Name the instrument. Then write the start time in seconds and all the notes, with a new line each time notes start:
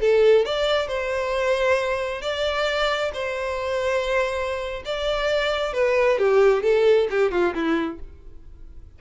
violin
0.00 A4
0.45 D5
0.88 C5
2.21 D5
3.14 C5
4.85 D5
5.73 B4
6.18 G4
6.63 A4
7.10 G4
7.31 F4
7.54 E4